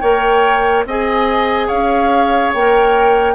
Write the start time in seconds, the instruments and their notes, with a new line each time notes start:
0.00 bassoon A#3, clarinet A#4, oboe C#5, flute G5
0.85 bassoon C4, clarinet G#4, oboe D#5, flute G#5
1.67 bassoon C#4, oboe C#5, flute F5
2.54 bassoon A#3, clarinet A#4, flute G5